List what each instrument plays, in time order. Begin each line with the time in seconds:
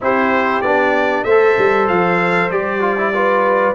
0.01 tuba C4, trombone E4, horn G4, trumpet C5
0.61 tuba B3, trombone D4, trumpet D5
1.24 tuba A3, horn C5, trumpet E5
1.30 trombone A4
1.58 tuba G3
1.88 tuba F3, trumpet F5
2.50 tuba G3, trombone G4, trumpet D5
2.80 trombone F4
2.97 trombone E4
3.13 trombone F4, horn B4